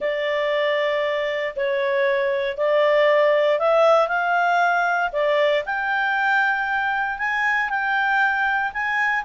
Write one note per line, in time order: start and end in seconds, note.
0.00 1.54 D5
1.55 2.57 C#5
2.57 3.59 D5
3.59 4.07 E5
4.07 5.10 F5
5.12 5.63 D5
5.65 7.18 G5
7.18 7.69 G#5
7.69 8.72 G5
8.73 9.24 G#5